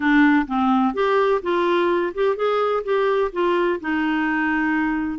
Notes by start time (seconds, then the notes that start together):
0.00 D4
0.47 C4
0.94 G4
1.42 F4
2.14 G4
2.36 G#4
2.83 G4
3.32 F4
3.80 D#4